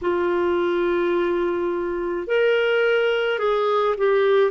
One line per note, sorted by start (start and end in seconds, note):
0.01 2.27 F4
2.27 3.38 A#4
3.38 3.95 G#4
3.97 4.51 G4